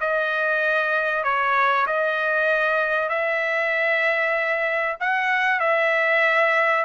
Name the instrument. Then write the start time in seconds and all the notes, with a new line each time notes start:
trumpet
0.00 D#5
1.23 C#5
1.86 D#5
3.09 E5
5.00 F#5
5.60 E5